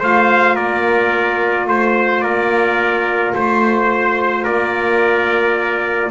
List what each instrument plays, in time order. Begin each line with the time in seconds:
0.00 double bass A3, saxophone F4, trumpet C5 F5
0.56 double bass A#3, trumpet A#4 D5
1.67 double bass A3, trumpet C5
2.22 double bass A#3, trumpet A#4 D5
3.36 double bass A3, trumpet C5
4.44 double bass A#3, trumpet A#4 D5